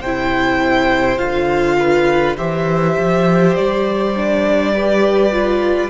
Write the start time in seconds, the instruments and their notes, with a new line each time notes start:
0.00 cello C3, viola E4, violin C5 G5
1.18 cello D3, viola F4, violin F5
1.79 violin B4
2.37 cello E3, viola G4, violin C5 E5
2.99 cello F3
3.55 cello G3, violin D5
4.16 viola D4
4.74 viola G4, violin B4
5.32 viola F4